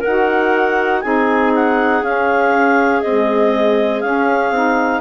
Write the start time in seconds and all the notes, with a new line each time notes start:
0.00 A#4 F#5
0.06 D#4 F#4
1.01 C4 D#4 G#4 G#5
1.55 F#5
2.02 C#4 F5
3.01 G#3 C4 D#5
4.01 C#4 F5
4.50 C4 D#4